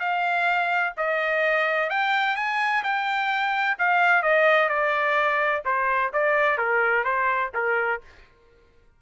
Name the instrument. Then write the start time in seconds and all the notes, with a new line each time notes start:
trumpet
0.00 F5
0.97 D#5
1.90 G5
2.37 G#5
2.84 G5
3.79 F5
4.23 D#5
4.69 D5
5.65 C5
6.13 D5
6.58 A#4
7.04 C5
7.54 A#4